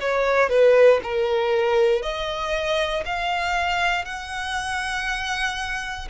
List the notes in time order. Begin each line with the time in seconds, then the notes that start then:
0.00 C#5
0.49 B4
1.03 A#4
2.02 D#5
3.06 F5
4.05 F#5